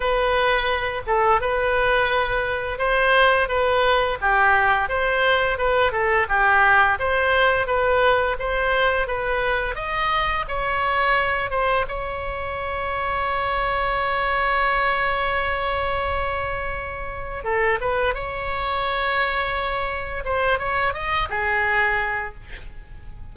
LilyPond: \new Staff \with { instrumentName = "oboe" } { \time 4/4 \tempo 4 = 86 b'4. a'8 b'2 | c''4 b'4 g'4 c''4 | b'8 a'8 g'4 c''4 b'4 | c''4 b'4 dis''4 cis''4~ |
cis''8 c''8 cis''2.~ | cis''1~ | cis''4 a'8 b'8 cis''2~ | cis''4 c''8 cis''8 dis''8 gis'4. | }